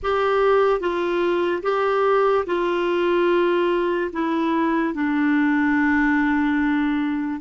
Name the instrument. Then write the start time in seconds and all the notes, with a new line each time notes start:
clarinet
0.02 G4
0.80 F4
1.62 G4
2.46 F4
4.12 E4
4.94 D4